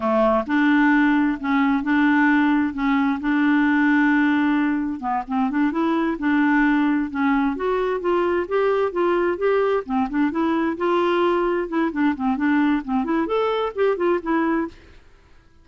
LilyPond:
\new Staff \with { instrumentName = "clarinet" } { \time 4/4 \tempo 4 = 131 a4 d'2 cis'4 | d'2 cis'4 d'4~ | d'2. b8 c'8 | d'8 e'4 d'2 cis'8~ |
cis'8 fis'4 f'4 g'4 f'8~ | f'8 g'4 c'8 d'8 e'4 f'8~ | f'4. e'8 d'8 c'8 d'4 | c'8 e'8 a'4 g'8 f'8 e'4 | }